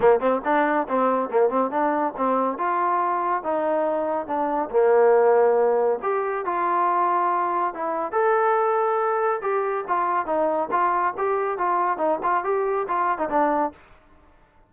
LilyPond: \new Staff \with { instrumentName = "trombone" } { \time 4/4 \tempo 4 = 140 ais8 c'8 d'4 c'4 ais8 c'8 | d'4 c'4 f'2 | dis'2 d'4 ais4~ | ais2 g'4 f'4~ |
f'2 e'4 a'4~ | a'2 g'4 f'4 | dis'4 f'4 g'4 f'4 | dis'8 f'8 g'4 f'8. dis'16 d'4 | }